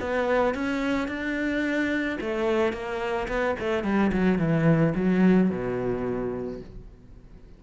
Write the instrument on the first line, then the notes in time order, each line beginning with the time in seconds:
cello
0.00 B3
0.54 C#4
1.08 D4
2.21 A3
2.73 A#3
3.28 B3
3.60 A3
3.84 G3
4.12 F#3
4.38 E3
4.95 F#3
5.50 B2